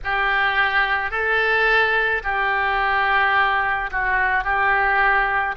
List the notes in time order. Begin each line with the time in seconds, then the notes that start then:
0.04 G4
1.11 A4
2.23 G4
3.91 F#4
4.44 G4